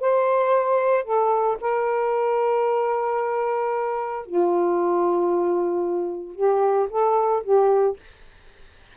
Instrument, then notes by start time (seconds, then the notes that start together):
saxophone
0.00 C5
1.04 A4
1.60 A#4
4.25 F4
6.35 G4
6.90 A4
7.43 G4